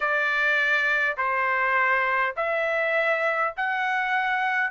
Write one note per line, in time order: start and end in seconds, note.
0.00 1.16 D5
1.17 2.34 C5
2.36 3.53 E5
3.56 4.71 F#5